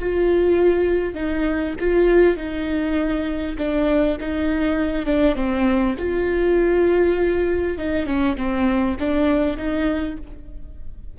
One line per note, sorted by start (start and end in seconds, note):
0.00 1.15 F4
1.15 1.75 D#4
1.80 2.37 F4
2.37 3.57 D#4
3.58 4.18 D4
4.21 5.06 D#4
5.06 5.36 D4
5.36 5.96 C4
5.99 7.78 F4
7.78 8.06 D#4
8.06 8.36 C#4
8.37 8.97 C4
9.00 9.58 D4
9.58 10.18 D#4